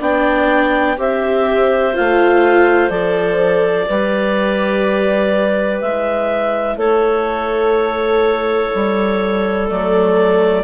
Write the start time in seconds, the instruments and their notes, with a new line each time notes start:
0.00 bassoon B3, viola D4, clarinet D5 G5
0.97 bassoon C4, viola G4, clarinet C5 E5
1.94 bassoon A3, viola F4, clarinet F5
2.90 bassoon F3, viola A4, clarinet D5
3.88 bassoon G3, viola G4, clarinet B4
5.81 bassoon G#3, viola E4, clarinet E5
6.77 bassoon A3, clarinet A4 C#5
8.75 bassoon G3
9.68 bassoon F#3, viola A3, clarinet D5